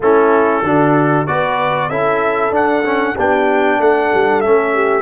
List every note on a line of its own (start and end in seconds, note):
0.00 0.62 A3
0.00 0.64 C#4
0.00 0.63 E4
0.00 1.27 A4
0.62 1.26 D3
0.62 1.27 D4
0.62 1.26 F#4
1.27 1.89 B3
1.27 1.90 F#4
1.27 1.89 B4
1.27 1.89 D5
1.89 2.50 C#4
1.89 2.51 E4
1.89 3.14 A4
1.89 2.52 E5
2.50 3.13 D4
2.50 2.83 D4
2.50 3.18 F#5
2.84 3.16 C#4
3.14 3.79 B3
3.14 4.44 D4
3.14 3.78 G4
3.14 3.81 G5
3.79 4.10 A3
3.79 4.73 A4
3.79 4.41 F#5
4.14 4.43 G3
4.41 5.01 A3
4.41 5.01 C#4
4.41 5.01 E5
4.73 5.01 G4